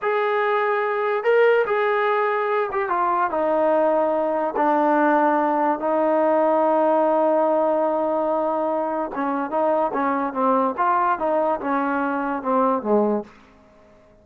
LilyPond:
\new Staff \with { instrumentName = "trombone" } { \time 4/4 \tempo 4 = 145 gis'2. ais'4 | gis'2~ gis'8 g'8 f'4 | dis'2. d'4~ | d'2 dis'2~ |
dis'1~ | dis'2 cis'4 dis'4 | cis'4 c'4 f'4 dis'4 | cis'2 c'4 gis4 | }